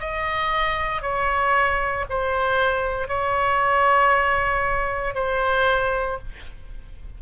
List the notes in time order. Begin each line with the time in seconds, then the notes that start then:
0.00 D#5
1.02 C#5
2.09 C5
3.08 C#5
5.14 C5